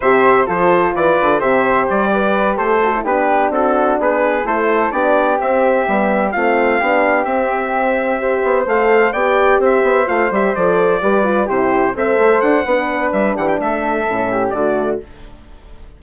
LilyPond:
<<
  \new Staff \with { instrumentName = "trumpet" } { \time 4/4 \tempo 4 = 128 e''4 c''4 d''4 e''4 | d''4. c''4 b'4 a'8~ | a'8 b'4 c''4 d''4 e''8~ | e''4. f''2 e''8~ |
e''2~ e''8 f''4 g''8~ | g''8 e''4 f''8 e''8 d''4.~ | d''8 c''4 e''4 fis''4. | e''8 fis''16 g''16 e''2 d''4 | }
  \new Staff \with { instrumentName = "flute" } { \time 4/4 c''4 a'4 b'4 c''4~ | c''8 b'4 a'4 g'4 fis'8~ | fis'8 gis'4 a'4 g'4.~ | g'4. f'4 g'4.~ |
g'4. c''2 d''8~ | d''8 c''2. b'8~ | b'8 g'4 c''4. b'4~ | b'8 g'8 a'4. g'8 fis'4 | }
  \new Staff \with { instrumentName = "horn" } { \time 4/4 g'4 f'2 g'4~ | g'2 fis'16 e'16 d'4.~ | d'4. e'4 d'4 c'8~ | c'8 b4 c'4 d'4 c'8~ |
c'4. g'4 a'4 g'8~ | g'4. f'8 g'8 a'4 g'8 | f'8 e'4 a'4. d'4~ | d'2 cis'4 a4 | }
  \new Staff \with { instrumentName = "bassoon" } { \time 4/4 c4 f4 e8 d8 c4 | g4. a4 b4 c'8~ | c'8 b4 a4 b4 c'8~ | c'8 g4 a4 b4 c'8~ |
c'2 b8 a4 b8~ | b8 c'8 b8 a8 g8 f4 g8~ | g8 c4 c'8 a8 d'8 b4 | g8 e8 a4 a,4 d4 | }
>>